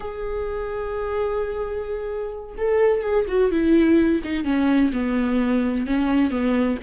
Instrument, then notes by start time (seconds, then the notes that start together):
viola
0.00 G#4
2.57 A4
3.01 G#4
3.27 F#4
3.51 E4
4.24 D#4
4.44 C#4
4.92 B3
5.86 C#4
6.30 B3